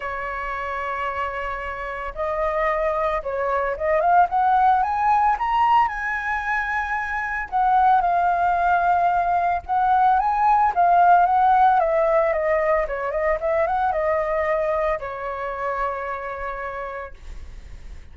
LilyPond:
\new Staff \with { instrumentName = "flute" } { \time 4/4 \tempo 4 = 112 cis''1 | dis''2 cis''4 dis''8 f''8 | fis''4 gis''4 ais''4 gis''4~ | gis''2 fis''4 f''4~ |
f''2 fis''4 gis''4 | f''4 fis''4 e''4 dis''4 | cis''8 dis''8 e''8 fis''8 dis''2 | cis''1 | }